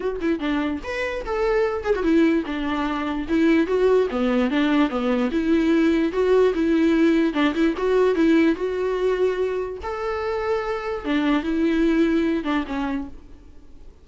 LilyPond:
\new Staff \with { instrumentName = "viola" } { \time 4/4 \tempo 4 = 147 fis'8 e'8 d'4 b'4 a'4~ | a'8 gis'16 fis'16 e'4 d'2 | e'4 fis'4 b4 d'4 | b4 e'2 fis'4 |
e'2 d'8 e'8 fis'4 | e'4 fis'2. | a'2. d'4 | e'2~ e'8 d'8 cis'4 | }